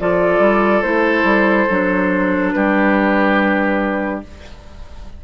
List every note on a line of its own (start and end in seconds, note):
0.00 0.39 F3
0.00 0.84 F4
0.00 2.55 A4
0.00 0.82 D5
0.39 0.82 G3
0.82 1.24 A3
0.82 1.68 E4
0.82 2.51 C5
1.24 1.66 G3
1.70 2.55 F#3
1.70 4.24 D4
2.52 4.24 G3
2.52 4.25 G4
2.52 4.21 B4